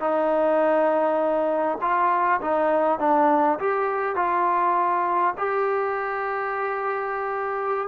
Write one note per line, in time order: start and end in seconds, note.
0.00 1.78 D#4
1.81 2.41 F4
2.41 2.99 D#4
2.99 3.59 D4
3.59 4.16 G4
4.16 5.34 F4
5.38 7.88 G4